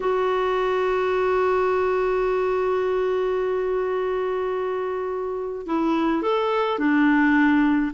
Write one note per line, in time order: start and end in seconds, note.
0.00 5.66 F#4
5.66 6.22 E4
6.22 6.78 A4
6.78 7.92 D4